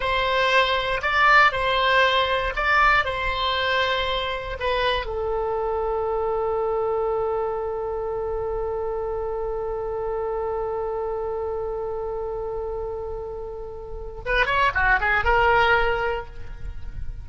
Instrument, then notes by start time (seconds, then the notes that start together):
oboe
0.00 C5
1.01 D5
1.52 C5
2.56 D5
3.04 C5
4.59 B4
5.05 A4
14.25 B4
14.46 C#5
14.74 F#4
15.00 G#4
15.24 A#4